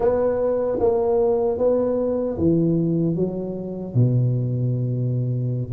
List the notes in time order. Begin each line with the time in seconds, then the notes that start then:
0.00 B3
0.79 A#3
1.58 B3
2.37 E3
3.15 F#3
3.94 B2